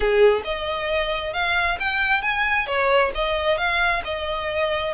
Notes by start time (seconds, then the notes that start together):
0.00 G#4
0.44 D#5
1.33 F5
1.79 G5
2.22 G#5
2.66 C#5
3.14 D#5
3.57 F5
4.04 D#5